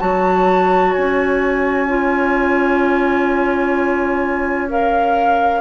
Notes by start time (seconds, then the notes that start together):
0.00 F#3 F#4 C#5 A5
0.94 C#4 G#5
1.89 F4
4.69 A#4 F5